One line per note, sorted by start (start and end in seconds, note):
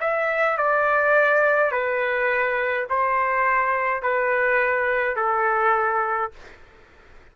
0.00 0.58 E5
0.58 1.72 D5
1.72 2.87 B4
2.90 4.02 C5
4.02 5.16 B4
5.16 6.31 A4